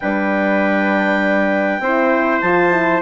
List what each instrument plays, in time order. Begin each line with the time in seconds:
0.00 bassoon G3, horn D4, trumpet B4, clarinet G5
1.79 bassoon C4, horn E4, trumpet C5
2.40 bassoon F3, horn F4, clarinet A5
2.71 horn E4